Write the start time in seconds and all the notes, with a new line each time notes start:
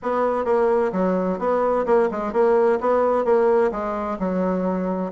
0.02 B3
0.45 A#3
0.92 F#3
1.38 B3
1.86 A#3
2.11 G#3
2.32 A#3
2.80 B3
3.24 A#3
3.71 G#3
4.19 F#3